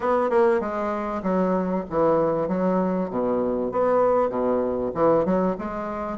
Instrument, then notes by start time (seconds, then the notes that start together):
bassoon
0.00 B3
0.30 A#3
0.60 G#3
1.22 F#3
1.90 E3
2.48 F#3
3.10 B2
3.71 B3
4.29 B2
4.94 E3
5.25 F#3
5.58 G#3